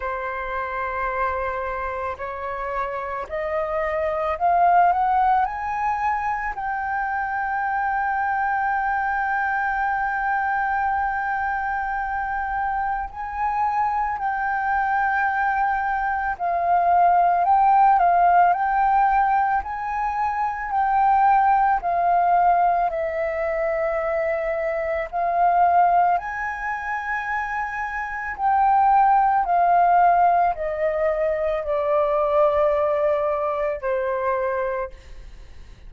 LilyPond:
\new Staff \with { instrumentName = "flute" } { \time 4/4 \tempo 4 = 55 c''2 cis''4 dis''4 | f''8 fis''8 gis''4 g''2~ | g''1 | gis''4 g''2 f''4 |
g''8 f''8 g''4 gis''4 g''4 | f''4 e''2 f''4 | gis''2 g''4 f''4 | dis''4 d''2 c''4 | }